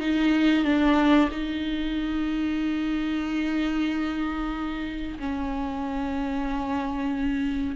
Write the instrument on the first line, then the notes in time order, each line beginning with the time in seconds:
viola
0.00 D#4
0.65 D4
1.31 D#4
5.19 C#4